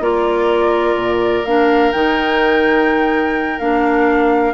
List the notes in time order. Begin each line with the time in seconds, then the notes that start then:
0.00 A#3 F4 A#4 D5
0.95 A#2
1.45 A#3 D4 F5
1.92 D#3 D#4 G5
3.59 A#3 D4 F5